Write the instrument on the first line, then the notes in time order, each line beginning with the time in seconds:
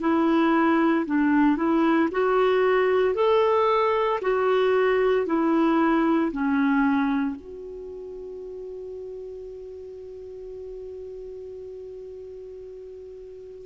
clarinet
0.00 E4
1.06 D4
1.56 E4
2.11 F#4
3.14 A4
4.21 F#4
5.26 E4
6.32 C#4
7.35 F#4